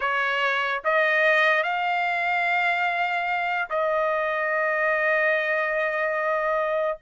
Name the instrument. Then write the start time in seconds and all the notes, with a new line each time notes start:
trumpet
0.00 C#5
0.84 D#5
1.63 F5
3.69 D#5